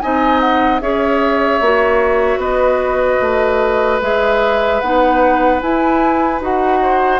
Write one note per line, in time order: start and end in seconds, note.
0.00 0.81 C4
0.00 0.81 D#4
0.00 0.82 D#5
0.00 0.40 G#5
0.40 0.80 F#5
0.81 1.61 C#4
0.81 1.61 G#4
0.81 2.40 C#5
0.81 2.41 E5
1.61 2.37 A#3
1.61 4.02 F#4
2.37 3.17 B3
2.37 6.80 B4
2.37 4.00 D#5
3.21 4.00 A3
4.01 4.81 G#3
4.01 4.82 G#4
4.01 4.80 E5
4.80 5.62 B3
4.80 5.62 D#4
4.80 5.60 F#5
5.62 6.41 E4
5.62 6.42 G#5
6.41 7.20 D#4
6.41 7.20 F#4
6.41 7.20 F#5
6.82 7.20 C5